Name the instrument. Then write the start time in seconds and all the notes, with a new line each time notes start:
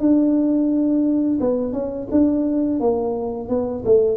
tuba
0.00 D4
1.41 B3
1.73 C#4
2.12 D4
2.80 A#3
3.49 B3
3.85 A3